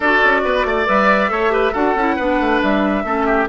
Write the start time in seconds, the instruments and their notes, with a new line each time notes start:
0.00 bassoon D4, clarinet F#4, oboe A4, flute D5
0.24 bassoon C#4
0.44 bassoon B3, oboe B4
0.65 bassoon A3, oboe D5
0.86 bassoon G3, clarinet B4, flute E5
1.29 bassoon A3, clarinet A4, oboe C#5
1.49 clarinet G4, oboe B4
1.72 bassoon D4, clarinet F#4, oboe A4, flute F#5
1.94 bassoon C#4, clarinet E4
2.15 bassoon B3, clarinet D4, oboe B4
2.39 bassoon A3
2.62 bassoon G3, flute E5
3.04 bassoon A3, clarinet C#4, oboe A4
3.26 oboe G4